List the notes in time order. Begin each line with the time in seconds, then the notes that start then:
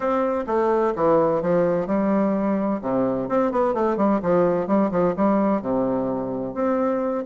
0.00 C4
0.46 A3
0.95 E3
1.41 F3
1.86 G3
2.81 C3
3.28 C4
3.51 B3
3.74 A3
3.96 G3
4.22 F3
4.67 G3
4.91 F3
5.16 G3
5.61 C3
6.54 C4